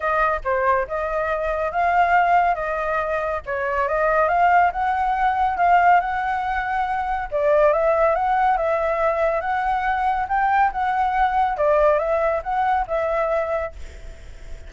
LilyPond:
\new Staff \with { instrumentName = "flute" } { \time 4/4 \tempo 4 = 140 dis''4 c''4 dis''2 | f''2 dis''2 | cis''4 dis''4 f''4 fis''4~ | fis''4 f''4 fis''2~ |
fis''4 d''4 e''4 fis''4 | e''2 fis''2 | g''4 fis''2 d''4 | e''4 fis''4 e''2 | }